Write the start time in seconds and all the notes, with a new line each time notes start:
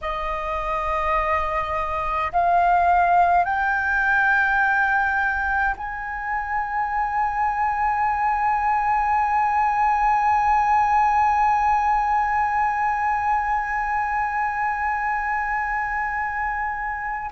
0.01 D#5
2.32 F5
3.44 G5
5.77 G#5